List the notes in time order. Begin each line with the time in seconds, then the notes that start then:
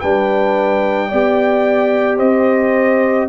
0.00 G3 D4 B4 G5
1.08 B3 G4 D5
2.17 C4 C5 D#5